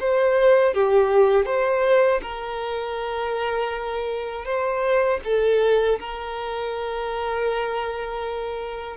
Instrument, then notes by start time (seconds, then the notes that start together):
violin
0.00 C5
0.74 G4
1.46 C5
2.22 A#4
4.45 C5
5.24 A4
5.99 A#4